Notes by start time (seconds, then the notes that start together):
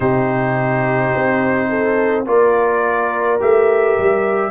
0.00 C3 D#4 G4 C5
1.15 C4
1.69 A4
2.26 A#3 F4 A#4 D5
3.39 A3 G4 E5
3.98 G3